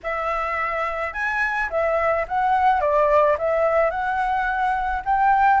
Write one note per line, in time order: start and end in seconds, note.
0.03 1.13 E5
1.13 1.69 G#5
1.70 2.26 E5
2.28 2.80 F#5
2.80 3.36 D5
3.38 3.90 E5
3.90 5.02 F#5
5.05 5.60 G5